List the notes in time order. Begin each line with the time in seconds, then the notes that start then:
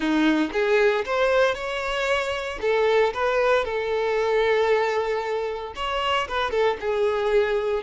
0.00 D#4
0.52 G#4
1.05 C5
1.55 C#5
2.61 A4
3.13 B4
3.65 A4
5.75 C#5
6.28 B4
6.51 A4
6.80 G#4